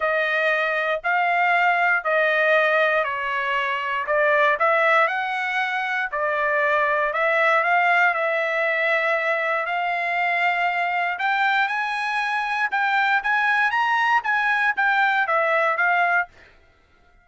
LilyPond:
\new Staff \with { instrumentName = "trumpet" } { \time 4/4 \tempo 4 = 118 dis''2 f''2 | dis''2 cis''2 | d''4 e''4 fis''2 | d''2 e''4 f''4 |
e''2. f''4~ | f''2 g''4 gis''4~ | gis''4 g''4 gis''4 ais''4 | gis''4 g''4 e''4 f''4 | }